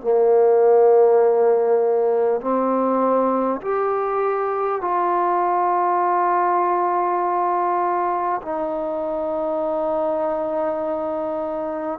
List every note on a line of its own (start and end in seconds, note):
0.00 2.40 A#3
2.41 3.61 C4
3.61 4.81 G4
4.81 8.41 F4
8.42 11.99 D#4